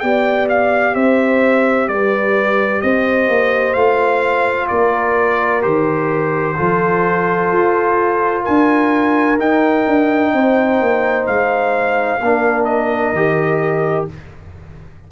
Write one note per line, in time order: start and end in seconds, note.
0.00 0.95 B3
0.00 3.76 G4
0.00 0.95 D5
0.00 0.47 G5
0.49 0.95 F5
0.95 1.88 C4
0.95 1.88 C5
0.95 1.88 E5
1.88 2.82 G3
1.88 2.83 B4
1.88 2.81 D5
2.81 3.28 C4
2.81 4.70 C5
2.81 3.73 D#5
3.28 3.75 A#3
3.73 4.69 A3
3.73 5.62 F4
3.73 4.67 F5
4.68 5.64 A#3
4.68 6.56 A#4
4.68 5.62 D5
5.62 6.58 D#3
5.62 6.55 G4
5.62 8.44 C5
6.56 7.52 F3
6.56 9.38 F4
6.56 8.43 A4
7.52 8.46 F4
8.43 9.39 D4
8.43 10.30 A#4
8.43 9.38 G#5
9.39 12.20 D#4
9.39 9.86 D#4
9.39 11.27 G5
9.87 10.33 D4
10.34 10.80 C4
10.34 12.22 C5
10.80 11.27 A#3
11.27 12.20 G#3
11.27 12.64 F5
12.20 13.12 A#3
12.20 13.15 D4
12.20 14.11 A#4
12.64 14.05 D#5
13.12 14.06 D#3
13.12 14.09 G4